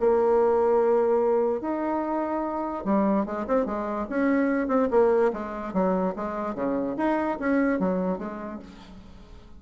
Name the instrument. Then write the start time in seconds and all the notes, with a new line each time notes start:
bassoon
0.00 A#3
1.61 D#4
2.84 G3
3.26 G#3
3.47 C4
3.66 G#3
4.09 C#4
4.68 C4
4.91 A#3
5.33 G#3
5.73 F#3
6.16 G#3
6.55 C#3
6.97 D#4
7.39 C#4
7.79 F#3
8.18 G#3